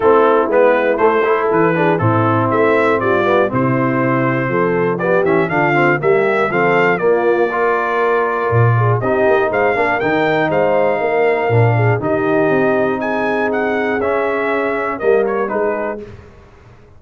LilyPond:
<<
  \new Staff \with { instrumentName = "trumpet" } { \time 4/4 \tempo 4 = 120 a'4 b'4 c''4 b'4 | a'4 e''4 d''4 c''4~ | c''2 d''8 e''8 f''4 | e''4 f''4 d''2~ |
d''2 dis''4 f''4 | g''4 f''2. | dis''2 gis''4 fis''4 | e''2 dis''8 cis''8 b'4 | }
  \new Staff \with { instrumentName = "horn" } { \time 4/4 e'2~ e'8 a'4 gis'8 | e'2 f'4 e'4~ | e'4 a'4 g'4 f'4 | g'4 a'4 f'4 ais'4~ |
ais'4. gis'8 g'4 c''8 ais'8~ | ais'4 c''4 ais'4. gis'8 | g'2 gis'2~ | gis'2 ais'4 gis'4 | }
  \new Staff \with { instrumentName = "trombone" } { \time 4/4 c'4 b4 a8 e'4 d'8 | c'2~ c'8 b8 c'4~ | c'2 b8 cis'8 d'8 c'8 | ais4 c'4 ais4 f'4~ |
f'2 dis'4. d'8 | dis'2. d'4 | dis'1 | cis'2 ais4 dis'4 | }
  \new Staff \with { instrumentName = "tuba" } { \time 4/4 a4 gis4 a4 e4 | a,4 a4 g4 c4~ | c4 f4. e8 d4 | g4 f4 ais2~ |
ais4 ais,4 c'8 ais8 gis8 ais8 | dis4 gis4 ais4 ais,4 | dis4 c'2. | cis'2 g4 gis4 | }
>>